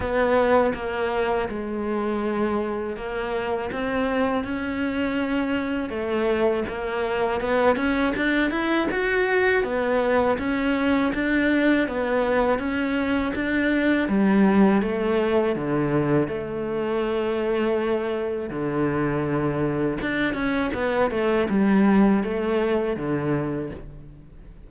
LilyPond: \new Staff \with { instrumentName = "cello" } { \time 4/4 \tempo 4 = 81 b4 ais4 gis2 | ais4 c'4 cis'2 | a4 ais4 b8 cis'8 d'8 e'8 | fis'4 b4 cis'4 d'4 |
b4 cis'4 d'4 g4 | a4 d4 a2~ | a4 d2 d'8 cis'8 | b8 a8 g4 a4 d4 | }